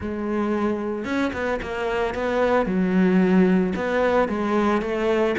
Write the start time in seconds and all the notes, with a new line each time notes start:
0.00 G#3
1.04 C#4
1.33 B3
1.62 A#3
2.14 B3
2.66 F#3
3.75 B3
4.28 G#3
4.81 A3